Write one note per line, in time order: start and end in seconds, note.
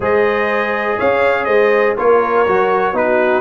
0.00 0.97 G#3
0.00 1.97 G#4
0.00 0.97 C5
0.00 0.99 D#5
0.97 1.46 C#4
0.97 1.46 C#5
0.97 1.44 F5
1.44 1.95 G#3
1.44 1.95 C5
1.44 1.94 D#5
1.97 2.47 A#3
1.97 2.46 F4
1.97 2.95 A#4
1.97 2.96 C#5
2.47 2.92 F#3
2.47 2.94 F#4
2.92 3.41 B3
2.92 3.41 D#4
2.92 3.41 F#4
2.92 3.41 B4